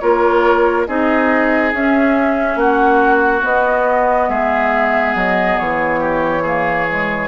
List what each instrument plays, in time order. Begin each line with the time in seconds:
0.00 bassoon A#3, clarinet F4, oboe A#4, flute C#5
0.87 bassoon C4, clarinet D#4, oboe G#4, flute D#5
1.73 bassoon C#4, clarinet C#4, flute E5
2.56 bassoon A#3, oboe F#4, flute F#5
3.41 clarinet B3, bassoon B3, flute D#5
4.29 bassoon G#3, oboe G#4, flute E5
5.15 bassoon F#3, flute D#5
5.59 bassoon E3, flute C#5
6.00 oboe G4
6.43 clarinet A#3, oboe G#4
6.89 clarinet G#3